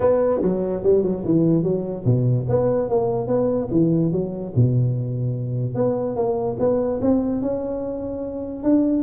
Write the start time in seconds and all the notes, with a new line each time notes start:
0.00 B3
0.42 F#3
0.83 G3
1.03 F#3
1.24 E3
1.63 F#3
2.05 B2
2.48 B3
2.89 A#3
3.27 B3
3.71 E3
4.12 F#3
4.55 B2
5.74 B3
6.16 A#3
6.59 B3
7.01 C4
7.41 C#4
8.63 D4